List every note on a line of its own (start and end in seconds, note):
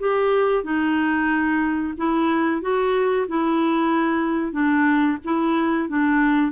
0.00 0.64 G4
0.64 1.94 D#4
1.97 2.62 E4
2.62 3.27 F#4
3.28 4.53 E4
4.53 5.18 D4
5.25 5.89 E4
5.89 6.52 D4